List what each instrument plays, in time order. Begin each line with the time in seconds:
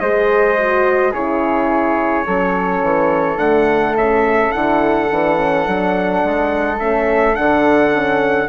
0.00 bassoon G#3, horn G#4, flute C5, trumpet D#5
0.58 horn F#4
1.11 bassoon C#3, horn E4, flute G#4, trumpet C#5
2.24 bassoon F#3, horn C#4, flute A4
2.82 bassoon E3
3.37 bassoon D3, horn A3, trumpet F#5
3.96 bassoon C#3, trumpet E5
4.52 bassoon D3, horn E4, trumpet F#5
5.11 bassoon E3, horn D4
5.37 horn C#4
5.64 bassoon F#3, horn D4
6.24 bassoon G#3
6.79 bassoon A3, horn C#4, trumpet E5
7.34 bassoon D3, horn D4, trumpet F#5
7.90 horn C#4